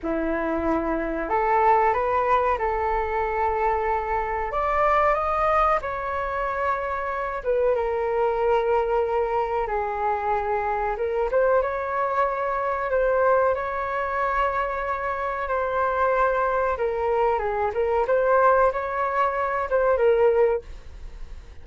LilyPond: \new Staff \with { instrumentName = "flute" } { \time 4/4 \tempo 4 = 93 e'2 a'4 b'4 | a'2. d''4 | dis''4 cis''2~ cis''8 b'8 | ais'2. gis'4~ |
gis'4 ais'8 c''8 cis''2 | c''4 cis''2. | c''2 ais'4 gis'8 ais'8 | c''4 cis''4. c''8 ais'4 | }